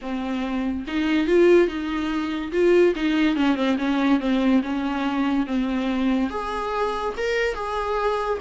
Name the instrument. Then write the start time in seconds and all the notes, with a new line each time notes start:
viola
0.01 C4
0.87 D#4
1.27 F4
1.67 D#4
2.52 F4
2.95 D#4
3.35 C#4
3.55 C4
3.78 C#4
4.20 C4
4.62 C#4
5.46 C4
6.30 G#4
7.17 A#4
7.54 G#4